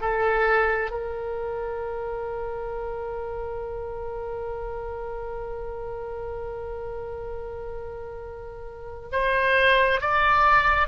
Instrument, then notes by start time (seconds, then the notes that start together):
oboe
0.00 A4
0.90 A#4
9.12 C5
10.00 D5